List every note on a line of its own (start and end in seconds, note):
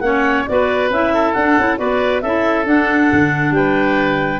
0.00 0.45 A#3
0.00 0.47 C#4
0.00 0.49 C#5
0.00 0.44 F#5
0.47 0.91 B3
0.47 0.92 F#4
0.47 1.14 B4
0.47 0.91 D5
0.91 1.34 C#4
0.91 1.36 E4
0.91 1.33 E5
1.14 1.79 A4
1.33 1.58 D4
1.33 1.77 F#5
1.39 1.59 D4
1.59 1.79 C#4
1.59 1.78 E4
1.78 2.23 B3
1.78 2.21 F#4
1.78 2.22 B4
1.78 2.21 D5
2.21 2.67 C#4
2.21 2.65 E4
2.21 3.54 A4
2.21 2.65 E5
2.65 4.40 D4
2.65 3.10 D4
2.65 3.54 F#5
3.12 3.51 D3
3.51 4.38 G3
3.51 4.40 B4
3.51 4.40 G5